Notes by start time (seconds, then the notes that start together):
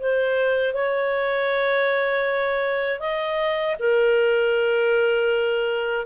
0.00 C5
0.74 C#5
3.00 D#5
3.79 A#4